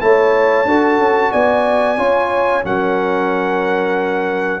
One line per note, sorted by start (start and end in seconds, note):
0.00 0.65 A3
0.00 0.66 E4
0.00 0.68 C#5
0.00 1.32 A5
0.65 0.98 D4
0.65 1.97 F#4
0.65 1.31 A4
0.98 1.31 C#4
1.31 1.98 B3
1.31 1.97 D5
1.31 2.63 G#5
1.97 2.63 C#4
1.97 2.62 F4
1.97 2.63 C#5
2.62 4.60 F#3
2.62 4.60 C#4
2.62 4.60 A#4
2.62 4.60 F#5